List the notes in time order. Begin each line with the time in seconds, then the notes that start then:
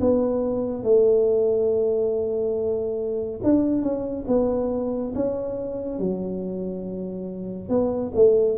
0.00 B3
0.83 A3
3.43 D4
3.82 C#4
4.27 B3
5.15 C#4
5.98 F#3
7.69 B3
8.15 A3